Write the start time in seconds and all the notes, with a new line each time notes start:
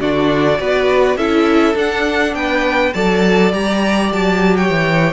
0.00 D3 D4 F#4 D5
0.58 B3 F#4 B4
1.16 C#4 E4 A4 E5
1.74 D4 F#5
2.34 B3 B4 G5
2.93 F#3 A4 D5 A5
3.52 G3 G4 A#5
4.12 F#3 A5
4.56 C#5 G5
4.70 E3